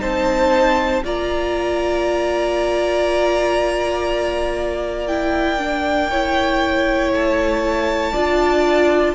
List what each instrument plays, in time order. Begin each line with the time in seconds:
0.00 cello C4, viola D#4, violin C5 A5
1.04 cello A#3, viola F4, violin D5 A#5
5.07 viola E4, violin G5
5.59 viola D4
6.11 viola E4, violin C#5
7.12 cello A3, violin A5
8.13 cello D4, viola F4, violin D5